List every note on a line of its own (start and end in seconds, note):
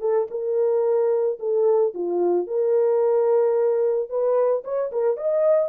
0.00 0.27 A4
0.30 1.38 A#4
1.39 1.93 A4
1.94 2.47 F4
2.47 4.09 A#4
4.09 4.63 B4
4.64 4.91 C#5
4.92 5.17 A#4
5.17 5.69 D#5